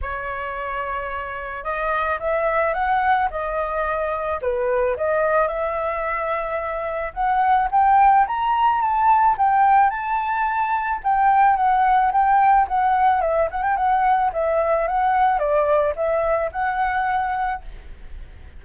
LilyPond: \new Staff \with { instrumentName = "flute" } { \time 4/4 \tempo 4 = 109 cis''2. dis''4 | e''4 fis''4 dis''2 | b'4 dis''4 e''2~ | e''4 fis''4 g''4 ais''4 |
a''4 g''4 a''2 | g''4 fis''4 g''4 fis''4 | e''8 fis''16 g''16 fis''4 e''4 fis''4 | d''4 e''4 fis''2 | }